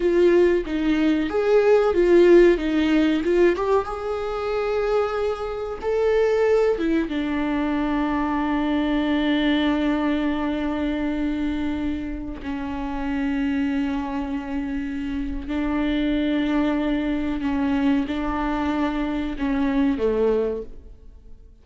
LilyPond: \new Staff \with { instrumentName = "viola" } { \time 4/4 \tempo 4 = 93 f'4 dis'4 gis'4 f'4 | dis'4 f'8 g'8 gis'2~ | gis'4 a'4. e'8 d'4~ | d'1~ |
d'2.~ d'16 cis'8.~ | cis'1 | d'2. cis'4 | d'2 cis'4 a4 | }